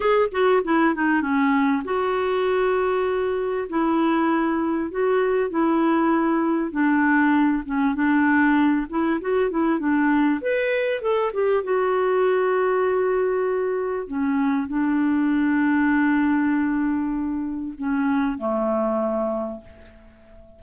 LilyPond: \new Staff \with { instrumentName = "clarinet" } { \time 4/4 \tempo 4 = 98 gis'8 fis'8 e'8 dis'8 cis'4 fis'4~ | fis'2 e'2 | fis'4 e'2 d'4~ | d'8 cis'8 d'4. e'8 fis'8 e'8 |
d'4 b'4 a'8 g'8 fis'4~ | fis'2. cis'4 | d'1~ | d'4 cis'4 a2 | }